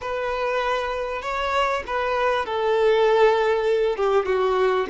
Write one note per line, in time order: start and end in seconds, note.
0.01 1.21 B4
1.21 1.83 C#5
1.86 2.45 B4
2.45 3.96 A4
3.96 4.25 G4
4.25 4.86 F#4